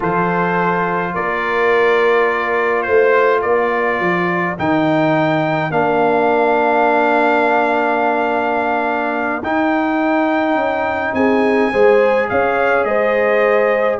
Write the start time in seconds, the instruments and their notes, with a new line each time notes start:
0.00 tuba F3, trombone F4, horn A4, trumpet C5
1.13 tuba A#3, horn A#4, trumpet D5
2.82 tuba A3, trumpet C5, horn C5
3.41 tuba A#3, horn A#4, trumpet D5
4.00 tuba F3
4.57 tuba D#3, trombone D#4, trumpet G5
5.70 tuba A#3, trombone D4, trumpet F5
9.42 tuba D#4, trombone D#4, trumpet G5
10.55 tuba C#4
11.13 tuba C4, horn G#4, trumpet G#5
11.71 tuba G#3, trombone G#4, horn C5
12.29 tuba C#4, horn C#5, trumpet F5
12.84 tuba G#3, horn C5, trumpet D#5